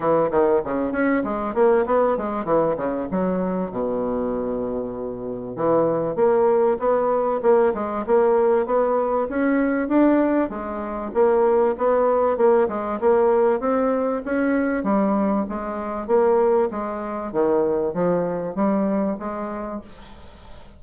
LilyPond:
\new Staff \with { instrumentName = "bassoon" } { \time 4/4 \tempo 4 = 97 e8 dis8 cis8 cis'8 gis8 ais8 b8 gis8 | e8 cis8 fis4 b,2~ | b,4 e4 ais4 b4 | ais8 gis8 ais4 b4 cis'4 |
d'4 gis4 ais4 b4 | ais8 gis8 ais4 c'4 cis'4 | g4 gis4 ais4 gis4 | dis4 f4 g4 gis4 | }